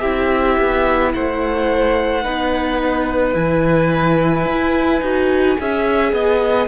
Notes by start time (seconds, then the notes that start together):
0.00 C4 E4 G4 E5
0.59 B3
1.13 A3 C5 F#5
2.23 B3 D#4 B4
3.34 E3 E4 G#5
4.46 E4
5.01 D#4 F#4
5.59 C#4 G#4 E5
6.13 B3 D#5